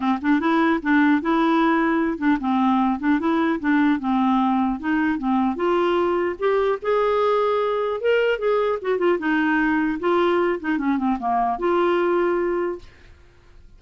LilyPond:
\new Staff \with { instrumentName = "clarinet" } { \time 4/4 \tempo 4 = 150 c'8 d'8 e'4 d'4 e'4~ | e'4. d'8 c'4. d'8 | e'4 d'4 c'2 | dis'4 c'4 f'2 |
g'4 gis'2. | ais'4 gis'4 fis'8 f'8 dis'4~ | dis'4 f'4. dis'8 cis'8 c'8 | ais4 f'2. | }